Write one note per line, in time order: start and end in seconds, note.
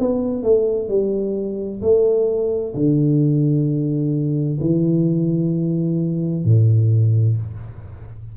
0.00 0.44 B3
0.44 0.89 A3
0.89 1.81 G3
1.82 2.74 A3
2.75 4.59 D3
4.61 6.45 E3
6.45 7.37 A2